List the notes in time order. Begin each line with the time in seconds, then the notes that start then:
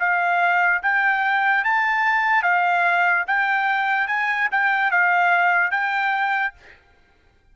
0.00 F5
0.83 G5
1.65 A5
2.43 F5
3.28 G5
4.08 G#5
4.52 G5
4.91 F5
5.72 G5